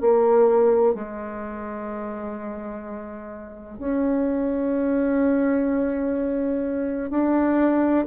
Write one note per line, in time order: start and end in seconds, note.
0.00 0.94 A#3
0.94 3.78 G#3
3.78 7.10 C#4
7.10 8.05 D4